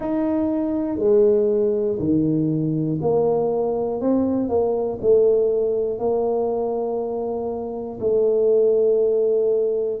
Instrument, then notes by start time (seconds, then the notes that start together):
tuba
0.00 D#4
0.98 G#3
1.99 D#3
3.00 A#3
4.00 C4
4.48 A#3
5.01 A3
5.99 A#3
8.00 A3